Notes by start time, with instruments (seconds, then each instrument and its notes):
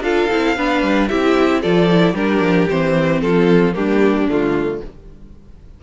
0.00 cello D4, viola F4, violin A4 F5
0.30 cello C4, viola E4
0.56 cello B3, viola D4, violin B4
0.82 cello G3
1.08 cello C4, viola E4, violin G4 E5
1.61 cello F3, viola F4, violin A4 D5
1.91 viola E4
2.13 cello G3, viola D4, violin G4 A#4
2.40 cello F3
2.69 cello E3, viola C4, violin C5
3.20 cello F3, violin F4 A4
3.72 cello G3, viola A#3, violin D4 G4
4.27 cello D3, viola A3, violin F4